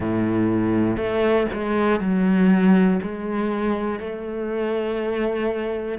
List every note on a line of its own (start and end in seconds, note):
0.00 0.96 A2
0.96 1.46 A3
1.53 2.00 G#3
2.00 3.00 F#3
3.01 3.99 G#3
3.99 5.98 A3